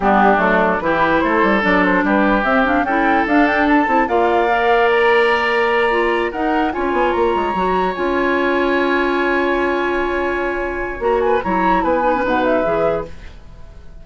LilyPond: <<
  \new Staff \with { instrumentName = "flute" } { \time 4/4 \tempo 4 = 147 g'4 a'4 b'4 c''4 | d''8 c''8 b'4 e''8 f''8 g''4 | f''8 g''8 a''4 f''2 | ais''2.~ ais''8 fis''8~ |
fis''8 gis''4 ais''2 gis''8~ | gis''1~ | gis''2. ais''8 gis''8 | ais''4 gis''4 fis''8 e''4. | }
  \new Staff \with { instrumentName = "oboe" } { \time 4/4 d'2 g'4 a'4~ | a'4 g'2 a'4~ | a'2 d''2~ | d''2.~ d''8 ais'8~ |
ais'8 cis''2.~ cis''8~ | cis''1~ | cis''2.~ cis''8 b'8 | cis''4 b'2. | }
  \new Staff \with { instrumentName = "clarinet" } { \time 4/4 b4 a4 e'2 | d'2 c'8 d'8 e'4 | d'4. e'8 f'4 ais'4~ | ais'2~ ais'8 f'4 dis'8~ |
dis'8 f'2 fis'4 f'8~ | f'1~ | f'2. fis'4 | e'4. dis'16 cis'16 dis'4 gis'4 | }
  \new Staff \with { instrumentName = "bassoon" } { \time 4/4 g4 fis4 e4 a8 g8 | fis4 g4 c'4 cis'4 | d'4. c'8 ais2~ | ais2.~ ais8 dis'8~ |
dis'8 cis'8 b8 ais8 gis8 fis4 cis'8~ | cis'1~ | cis'2. ais4 | fis4 b4 b,4 e4 | }
>>